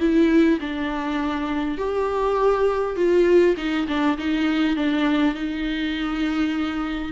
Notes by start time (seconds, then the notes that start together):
0.00 E4
0.61 D4
1.78 G4
2.96 F4
3.57 D#4
3.88 D4
4.18 D#4
4.77 D4
5.35 D#4